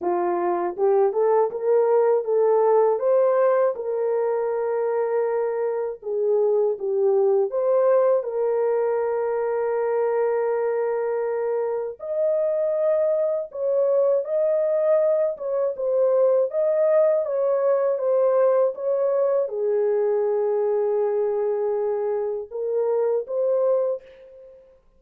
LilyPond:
\new Staff \with { instrumentName = "horn" } { \time 4/4 \tempo 4 = 80 f'4 g'8 a'8 ais'4 a'4 | c''4 ais'2. | gis'4 g'4 c''4 ais'4~ | ais'1 |
dis''2 cis''4 dis''4~ | dis''8 cis''8 c''4 dis''4 cis''4 | c''4 cis''4 gis'2~ | gis'2 ais'4 c''4 | }